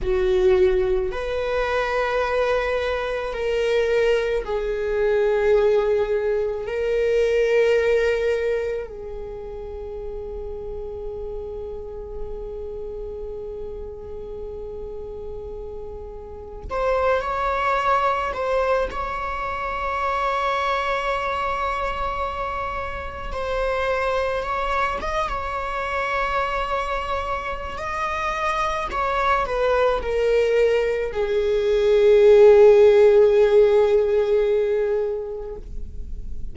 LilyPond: \new Staff \with { instrumentName = "viola" } { \time 4/4 \tempo 4 = 54 fis'4 b'2 ais'4 | gis'2 ais'2 | gis'1~ | gis'2. c''8 cis''8~ |
cis''8 c''8 cis''2.~ | cis''4 c''4 cis''8 dis''16 cis''4~ cis''16~ | cis''4 dis''4 cis''8 b'8 ais'4 | gis'1 | }